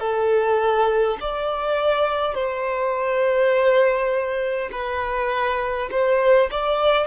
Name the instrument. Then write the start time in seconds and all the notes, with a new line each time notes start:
violin
0.00 A4
1.21 D5
2.35 C5
4.72 B4
5.91 C5
6.51 D5